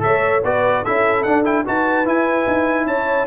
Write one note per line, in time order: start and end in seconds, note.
0.00 0.43 A3
0.00 0.41 A4
0.00 0.44 C#5
0.00 0.43 E5
0.43 0.84 B3
0.43 0.86 F#4
0.43 0.85 B4
0.43 0.85 D5
0.85 1.25 C#4
0.85 1.26 E4
0.85 1.66 A4
0.85 1.23 E5
1.23 1.65 D4
1.23 1.45 D4
1.23 1.44 F#5
1.45 1.65 E4
1.45 1.66 G5
1.66 2.05 D#4
1.66 2.06 F#4
1.66 2.87 B4
1.66 2.08 A5
2.05 2.46 E4
2.05 3.27 E4
2.05 2.87 G#5
2.47 2.86 D#4
2.86 3.27 C#4
2.86 3.27 C#5
2.86 3.27 A5